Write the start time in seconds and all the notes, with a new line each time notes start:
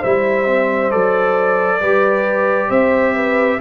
0.00 G3 E4 C5 E5
0.46 C4
0.91 F#3 A4 D5
1.80 G3 G4 B4
2.69 C4 C5 E5
3.14 B4